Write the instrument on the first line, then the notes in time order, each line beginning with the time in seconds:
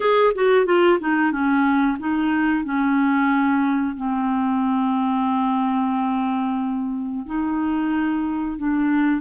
clarinet
0.00 G#4
0.34 F#4
0.65 F4
0.99 D#4
1.31 C#4
1.99 D#4
2.64 C#4
3.96 C4
7.26 D#4
8.57 D4